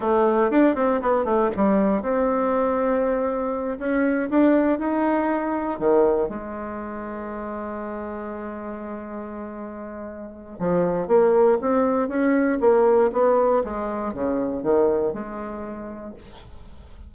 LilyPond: \new Staff \with { instrumentName = "bassoon" } { \time 4/4 \tempo 4 = 119 a4 d'8 c'8 b8 a8 g4 | c'2.~ c'8 cis'8~ | cis'8 d'4 dis'2 dis8~ | dis8 gis2.~ gis8~ |
gis1~ | gis4 f4 ais4 c'4 | cis'4 ais4 b4 gis4 | cis4 dis4 gis2 | }